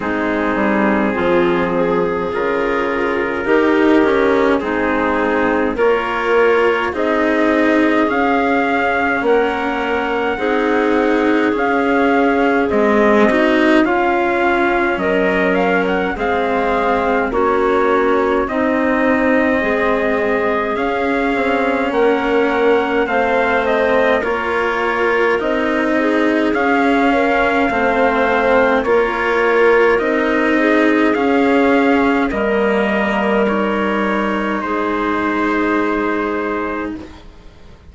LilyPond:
<<
  \new Staff \with { instrumentName = "trumpet" } { \time 4/4 \tempo 4 = 52 gis'2 ais'2 | gis'4 cis''4 dis''4 f''4 | fis''2 f''4 dis''4 | f''4 dis''8 f''16 fis''16 f''4 cis''4 |
dis''2 f''4 fis''4 | f''8 dis''8 cis''4 dis''4 f''4~ | f''4 cis''4 dis''4 f''4 | dis''4 cis''4 c''2 | }
  \new Staff \with { instrumentName = "clarinet" } { \time 4/4 dis'4 f'8 gis'4. g'4 | dis'4 ais'4 gis'2 | ais'4 gis'2~ gis'8 fis'8 | f'4 ais'4 gis'4 fis'4 |
dis'4 gis'2 ais'4 | c''4 ais'4. gis'4 ais'8 | c''4 ais'4. gis'4. | ais'2 gis'2 | }
  \new Staff \with { instrumentName = "cello" } { \time 4/4 c'2 f'4 dis'8 cis'8 | c'4 f'4 dis'4 cis'4~ | cis'4 dis'4 cis'4 gis8 dis'8 | cis'2 c'4 cis'4 |
c'2 cis'2 | c'4 f'4 dis'4 cis'4 | c'4 f'4 dis'4 cis'4 | ais4 dis'2. | }
  \new Staff \with { instrumentName = "bassoon" } { \time 4/4 gis8 g8 f4 cis4 dis4 | gis4 ais4 c'4 cis'4 | ais4 c'4 cis'4 c'4 | cis'4 fis4 gis4 ais4 |
c'4 gis4 cis'8 c'8 ais4 | a4 ais4 c'4 cis'4 | a4 ais4 c'4 cis'4 | g2 gis2 | }
>>